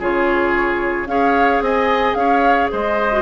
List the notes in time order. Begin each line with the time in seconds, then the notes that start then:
0.00 C#3 F4 G#4 C#5
1.07 C#4 G#4 C#5 F5
1.61 C4 D#5 G#5
2.15 C#4 C#5 F5
2.72 G#3 C5 D#5
3.12 F#4